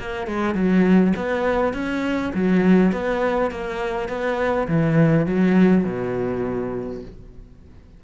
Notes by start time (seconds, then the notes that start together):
0.00 A#3
0.27 G#3
0.55 F#3
1.17 B3
1.74 C#4
2.34 F#3
2.93 B3
3.51 A#3
4.09 B3
4.68 E3
5.26 F#3
5.85 B2